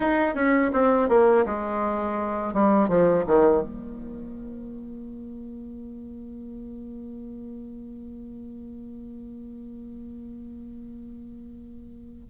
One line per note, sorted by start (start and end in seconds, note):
0.00 0.35 D#4
0.35 0.71 C#4
0.72 1.08 C4
1.08 1.45 A#3
1.45 2.53 G#3
2.53 2.88 G3
2.88 3.24 F3
3.27 3.61 D#3
3.61 12.29 A#3